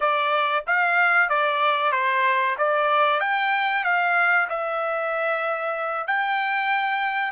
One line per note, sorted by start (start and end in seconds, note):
0.00 0.64 D5
0.66 1.29 F5
1.29 1.92 D5
1.92 2.56 C5
2.57 3.20 D5
3.20 3.84 G5
3.84 4.47 F5
4.49 6.07 E5
6.07 7.31 G5